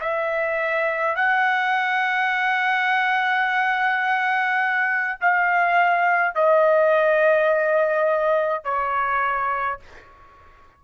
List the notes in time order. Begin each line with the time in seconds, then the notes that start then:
0.00 E5
1.15 F#5
5.21 F5
6.35 D#5
8.64 C#5